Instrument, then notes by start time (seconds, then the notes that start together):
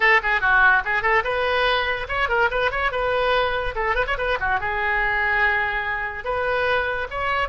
oboe
0.00 A4
0.22 G#4
0.41 F#4
0.84 G#4
1.02 A4
1.23 B4
2.08 C#5
2.28 A#4
2.50 B4
2.71 C#5
2.91 B4
3.75 A4
3.95 B4
4.06 C#5
4.17 B4
4.40 F#4
4.60 G#4
6.24 B4
7.10 C#5